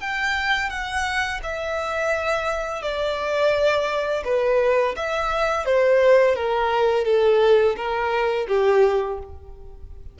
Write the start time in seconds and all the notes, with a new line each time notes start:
0.00 G5
0.69 F#5
1.43 E5
2.82 D5
4.24 B4
4.96 E5
5.65 C5
6.35 A#4
7.05 A4
7.76 A#4
8.48 G4